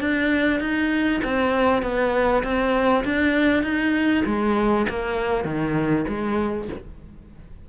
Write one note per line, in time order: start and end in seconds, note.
0.00 0.60 D4
0.60 1.21 D#4
1.24 1.83 C4
1.83 2.43 B3
2.44 3.04 C4
3.04 3.63 D4
3.63 4.24 D#4
4.26 4.86 G#3
4.89 5.44 A#3
5.44 6.05 D#3
6.08 6.69 G#3